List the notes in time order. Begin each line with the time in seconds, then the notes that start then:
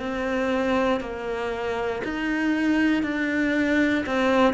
0.00 C4
1.01 A#3
2.04 D#4
3.03 D4
4.06 C4